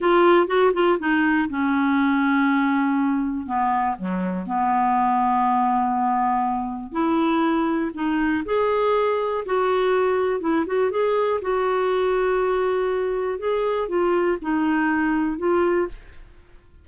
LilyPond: \new Staff \with { instrumentName = "clarinet" } { \time 4/4 \tempo 4 = 121 f'4 fis'8 f'8 dis'4 cis'4~ | cis'2. b4 | fis4 b2.~ | b2 e'2 |
dis'4 gis'2 fis'4~ | fis'4 e'8 fis'8 gis'4 fis'4~ | fis'2. gis'4 | f'4 dis'2 f'4 | }